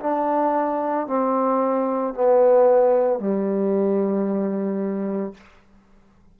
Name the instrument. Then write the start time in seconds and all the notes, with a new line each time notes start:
trombone
0.00 D4
1.07 C4
2.14 B3
3.19 G3